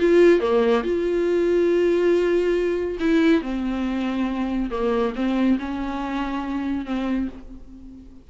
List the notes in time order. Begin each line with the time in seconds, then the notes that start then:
0.00 F4
0.40 A#3
0.84 F4
3.00 E4
3.42 C4
4.71 A#3
5.16 C4
5.59 C#4
6.86 C4